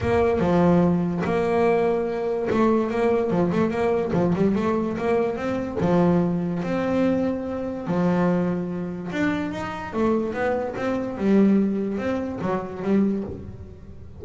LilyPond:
\new Staff \with { instrumentName = "double bass" } { \time 4/4 \tempo 4 = 145 ais4 f2 ais4~ | ais2 a4 ais4 | f8 a8 ais4 f8 g8 a4 | ais4 c'4 f2 |
c'2. f4~ | f2 d'4 dis'4 | a4 b4 c'4 g4~ | g4 c'4 fis4 g4 | }